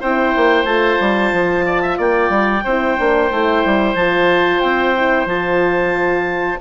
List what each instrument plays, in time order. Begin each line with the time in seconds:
0.00 bassoon C4, horn E4, oboe C5, clarinet G5
0.36 bassoon A#3
0.64 bassoon A3, horn F4, clarinet A5
1.00 bassoon G3
1.32 bassoon F3
1.66 oboe D5
1.81 oboe E5
1.98 bassoon A#3, oboe D5, clarinet G5
2.29 bassoon G3
2.64 bassoon C4, horn E4, oboe C5
2.97 bassoon A#3, horn D4
3.31 bassoon A3, horn E4
3.65 bassoon G3
3.94 bassoon F3, horn F4, clarinet A5
4.59 bassoon C4, clarinet G5
4.96 horn E4
5.26 bassoon F3, horn F4, clarinet A5